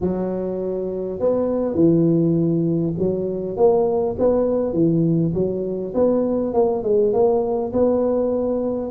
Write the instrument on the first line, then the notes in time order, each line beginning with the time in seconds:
tuba
0.01 F#3
1.19 B3
1.74 E3
2.98 F#3
3.56 A#3
4.18 B3
4.73 E3
5.34 F#3
5.94 B3
6.53 A#3
6.83 G#3
7.13 A#3
7.72 B3